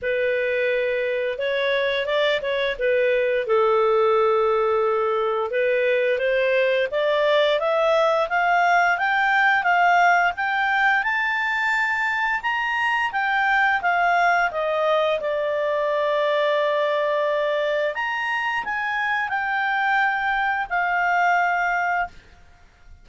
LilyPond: \new Staff \with { instrumentName = "clarinet" } { \time 4/4 \tempo 4 = 87 b'2 cis''4 d''8 cis''8 | b'4 a'2. | b'4 c''4 d''4 e''4 | f''4 g''4 f''4 g''4 |
a''2 ais''4 g''4 | f''4 dis''4 d''2~ | d''2 ais''4 gis''4 | g''2 f''2 | }